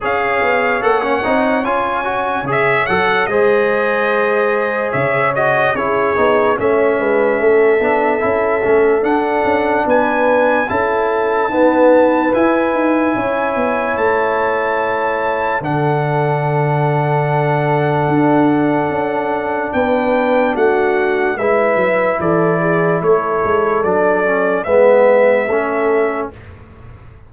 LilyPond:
<<
  \new Staff \with { instrumentName = "trumpet" } { \time 4/4 \tempo 4 = 73 f''4 fis''4 gis''4 e''8 fis''8 | dis''2 e''8 dis''8 cis''4 | e''2. fis''4 | gis''4 a''2 gis''4~ |
gis''4 a''2 fis''4~ | fis''1 | g''4 fis''4 e''4 d''4 | cis''4 d''4 e''2 | }
  \new Staff \with { instrumentName = "horn" } { \time 4/4 cis''1 | c''2 cis''4 gis'4 | cis''8 b'8 a'2. | b'4 a'4 b'2 |
cis''2. a'4~ | a'1 | b'4 fis'4 b'4 a'8 gis'8 | a'2 b'4 a'4 | }
  \new Staff \with { instrumentName = "trombone" } { \time 4/4 gis'4 a'16 cis'16 dis'8 f'8 fis'8 gis'8 a'8 | gis'2~ gis'8 fis'8 e'8 dis'8 | cis'4. d'8 e'8 cis'8 d'4~ | d'4 e'4 b4 e'4~ |
e'2. d'4~ | d'1~ | d'2 e'2~ | e'4 d'8 cis'8 b4 cis'4 | }
  \new Staff \with { instrumentName = "tuba" } { \time 4/4 cis'8 b8 ais8 c'8 cis'4 cis8 fis8 | gis2 cis4 cis'8 b8 | a8 gis8 a8 b8 cis'8 a8 d'8 cis'8 | b4 cis'4 dis'4 e'8 dis'8 |
cis'8 b8 a2 d4~ | d2 d'4 cis'4 | b4 a4 gis8 fis8 e4 | a8 gis8 fis4 gis4 a4 | }
>>